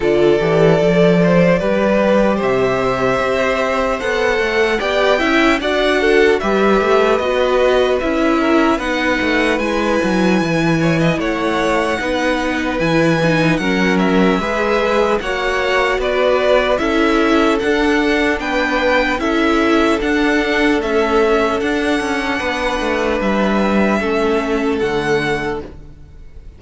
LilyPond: <<
  \new Staff \with { instrumentName = "violin" } { \time 4/4 \tempo 4 = 75 d''2. e''4~ | e''4 fis''4 g''4 fis''4 | e''4 dis''4 e''4 fis''4 | gis''2 fis''2 |
gis''4 fis''8 e''4. fis''4 | d''4 e''4 fis''4 g''4 | e''4 fis''4 e''4 fis''4~ | fis''4 e''2 fis''4 | }
  \new Staff \with { instrumentName = "violin" } { \time 4/4 a'4. c''8 b'4 c''4~ | c''2 d''8 e''8 d''8 a'8 | b'2~ b'8 ais'8 b'4~ | b'4. cis''16 dis''16 cis''4 b'4~ |
b'4 ais'4 b'4 cis''4 | b'4 a'2 b'4 | a'1 | b'2 a'2 | }
  \new Staff \with { instrumentName = "viola" } { \time 4/4 f'8 g'8 a'4 g'2~ | g'4 a'4 g'8 e'8 fis'4 | g'4 fis'4 e'4 dis'4 | e'2. dis'4 |
e'8 dis'8 cis'4 gis'4 fis'4~ | fis'4 e'4 d'2 | e'4 d'4 a4 d'4~ | d'2 cis'4 a4 | }
  \new Staff \with { instrumentName = "cello" } { \time 4/4 d8 e8 f4 g4 c4 | c'4 b8 a8 b8 cis'8 d'4 | g8 a8 b4 cis'4 b8 a8 | gis8 fis8 e4 a4 b4 |
e4 fis4 gis4 ais4 | b4 cis'4 d'4 b4 | cis'4 d'4 cis'4 d'8 cis'8 | b8 a8 g4 a4 d4 | }
>>